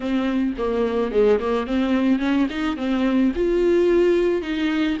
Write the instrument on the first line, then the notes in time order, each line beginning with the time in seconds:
viola
0.00 C4
0.57 A#3
1.11 G#3
1.39 A#3
1.67 C4
2.19 C#4
2.49 D#4
2.76 C4
3.35 F4
4.42 D#4